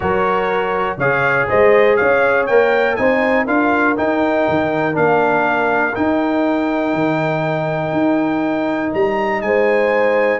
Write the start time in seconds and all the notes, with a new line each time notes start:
0.00 F#3 F#4 A#4 C#5
0.97 C#3 G#4 C#5 F5
1.48 G#3 C5 D#5
1.96 C#4 C#5 F5
2.46 A#3 A#4 G5
2.96 C4 D#4 C5 G#5
3.45 D4 F4 A#4 F5
3.97 D#4 G5
4.48 D#3
4.92 A#3 D4 F5
5.95 D#4 G5
6.93 D#3
7.92 D#4
8.93 G3 A#5
9.41 G#3 C5 G#5